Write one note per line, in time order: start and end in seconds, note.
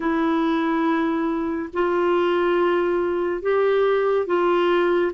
0.00 1.69 E4
1.73 3.42 F4
3.42 4.26 G4
4.26 5.12 F4